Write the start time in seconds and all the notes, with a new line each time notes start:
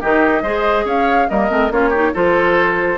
0.00 D#3 D#4 G4 D#5
0.42 G#3 G#4 C5
0.84 C#4 C#5 F5
1.29 G3 A#3 A#4 D#5
1.49 A3 C4
1.70 A#3 C#4 F4 C#5
1.89 D#4 G4
2.13 F3 F4 A4 C5